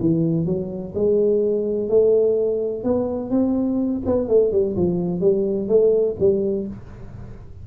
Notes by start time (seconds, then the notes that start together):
0.00 E3
0.45 F#3
0.95 G#3
1.89 A3
2.84 B3
3.30 C4
4.05 B3
4.28 A3
4.52 G3
4.76 F3
5.20 G3
5.68 A3
6.19 G3